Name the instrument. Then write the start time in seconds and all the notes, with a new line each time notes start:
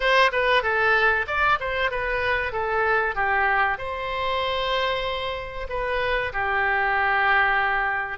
oboe
0.00 C5
0.32 B4
0.63 A4
1.27 D5
1.60 C5
1.91 B4
2.52 A4
3.15 G4
3.78 C5
5.69 B4
6.32 G4